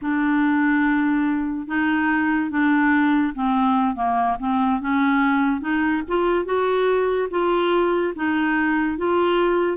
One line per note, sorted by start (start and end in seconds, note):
0.02 1.67 D4
1.67 2.50 D#4
2.50 3.33 D4
3.34 3.95 C4
3.95 4.37 A#3
4.39 4.80 C4
4.80 5.60 C#4
5.60 6.02 D#4
6.08 6.45 F4
6.45 7.28 F#4
7.30 8.13 F4
8.15 8.97 D#4
8.97 9.77 F4